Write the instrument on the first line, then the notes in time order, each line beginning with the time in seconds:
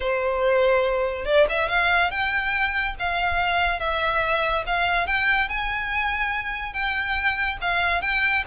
violin
0.00 C5
1.25 D5
1.49 E5
1.68 F5
2.10 G5
2.99 F5
3.79 E5
4.66 F5
5.06 G5
5.49 G#5
6.73 G5
7.61 F5
8.01 G5